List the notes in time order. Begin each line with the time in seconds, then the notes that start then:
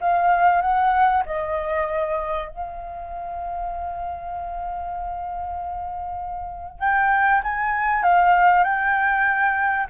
0.00 F5
0.61 F#5
1.25 D#5
2.48 F5
6.79 G5
7.43 G#5
8.02 F5
8.63 G5